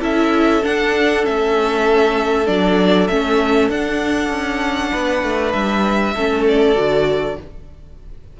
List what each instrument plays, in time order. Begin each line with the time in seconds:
0.00 cello C#4, viola E4, violin A4 E5
0.62 viola D4, cello D4, violin F#5
1.22 cello A3, viola C#4, violin E5
2.46 cello F#3, viola D4, violin D5
3.07 cello A3, viola C#4, violin E5
3.69 cello D4, viola D4, violin F#5
4.29 cello C#4
4.91 cello B3, violin B4
5.23 cello A3
5.52 cello G3, violin E5
6.14 cello A3, viola C#4, violin A4
6.48 violin D5
6.74 cello D3, viola F#4